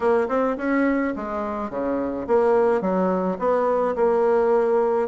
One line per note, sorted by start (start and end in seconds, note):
0.00 0.27 A#3
0.28 0.57 C4
0.57 1.13 C#4
1.16 1.70 G#3
1.70 2.26 C#3
2.27 2.81 A#3
2.81 3.37 F#3
3.38 3.95 B3
3.95 5.08 A#3